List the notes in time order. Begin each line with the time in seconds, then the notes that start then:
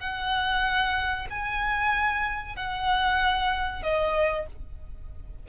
0.00 F#5
1.31 G#5
2.56 F#5
3.83 D#5